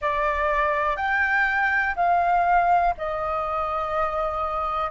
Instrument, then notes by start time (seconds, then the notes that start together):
flute
0.01 D5
0.96 G5
1.96 F5
2.97 D#5